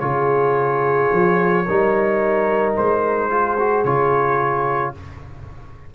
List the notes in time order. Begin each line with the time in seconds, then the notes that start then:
0.00 C#3 F4 G#4 C#5
1.12 F3
1.65 G3 D#4 A#4
2.77 G#3 C5
3.29 F4 G#4
3.59 F#4
3.84 C#3 F4 C#5